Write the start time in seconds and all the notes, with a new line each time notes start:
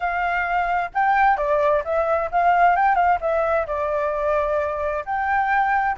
0.00 F5
0.94 G5
1.37 D5
1.84 E5
2.31 F5
2.75 G5
2.95 F5
3.20 E5
3.66 D5
5.05 G5